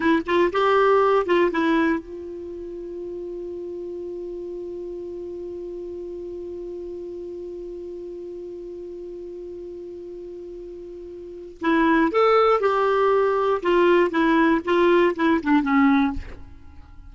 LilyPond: \new Staff \with { instrumentName = "clarinet" } { \time 4/4 \tempo 4 = 119 e'8 f'8 g'4. f'8 e'4 | f'1~ | f'1~ | f'1~ |
f'1~ | f'2. e'4 | a'4 g'2 f'4 | e'4 f'4 e'8 d'8 cis'4 | }